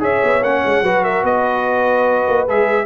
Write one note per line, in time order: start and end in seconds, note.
0.00 0.22 C#4
0.00 0.41 G#4
0.00 0.83 C#5
0.00 0.43 E5
0.24 0.41 B3
0.41 0.62 A#3
0.41 0.85 C#4
0.41 1.04 F#5
0.65 0.82 G#3
0.82 1.23 F#3
0.82 2.48 F#4
0.82 1.03 B4
1.03 1.23 A#4
1.03 1.24 E5
1.23 2.25 B3
1.23 2.85 B4
1.23 2.48 D#5
2.28 2.48 A#3
2.48 2.85 G#3
2.48 2.85 G#4
2.48 2.85 E5